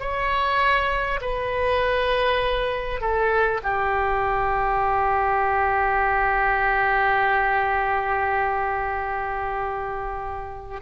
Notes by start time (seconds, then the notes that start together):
0.00 C#5
1.22 B4
3.01 A4
3.63 G4